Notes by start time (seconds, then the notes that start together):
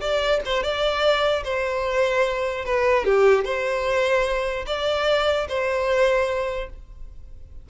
0.00 D5
0.45 C5
0.63 D5
1.44 C5
2.65 B4
3.05 G4
3.44 C5
4.66 D5
5.48 C5